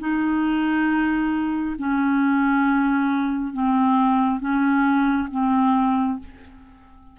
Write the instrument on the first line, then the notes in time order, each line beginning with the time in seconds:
clarinet
0.00 D#4
1.79 C#4
3.54 C4
4.41 C#4
5.31 C4